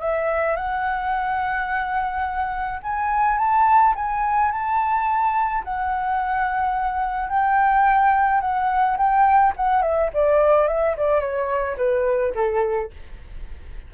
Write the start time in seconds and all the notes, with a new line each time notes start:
0.00 E5
0.56 F#5
2.83 G#5
3.38 A5
3.95 G#5
4.51 A5
5.64 F#5
7.29 G5
8.41 F#5
8.97 G5
9.57 F#5
9.82 E5
10.14 D5
10.68 E5
10.97 D5
11.20 C#5
11.77 B4
12.35 A4